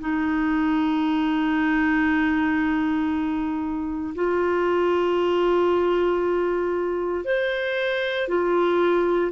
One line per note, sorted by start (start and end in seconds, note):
0.00 4.14 D#4
4.15 7.25 F4
7.25 8.28 C5
8.28 9.32 F4